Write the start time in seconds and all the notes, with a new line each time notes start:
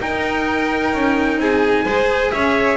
0.00 D#4 A#4 G5
0.94 C#4
1.37 C4 G#4 G#5
1.85 G#3 G#4 C5
2.32 C#4 C#5 E5